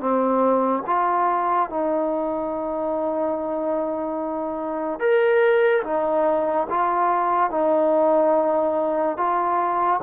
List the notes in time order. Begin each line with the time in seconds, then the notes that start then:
0.00 C4
0.86 F4
1.70 D#4
5.00 A#4
5.84 D#4
6.70 F4
7.50 D#4
9.17 F4